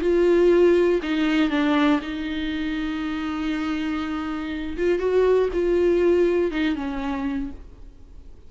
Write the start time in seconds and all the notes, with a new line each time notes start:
0.00 F4
1.02 D#4
1.50 D4
2.01 D#4
4.77 F4
4.98 F#4
5.52 F4
6.51 D#4
6.75 C#4